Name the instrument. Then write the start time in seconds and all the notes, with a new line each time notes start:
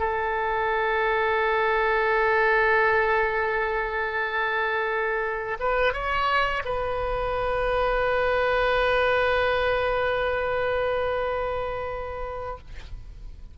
oboe
0.00 A4
5.60 B4
5.94 C#5
6.65 B4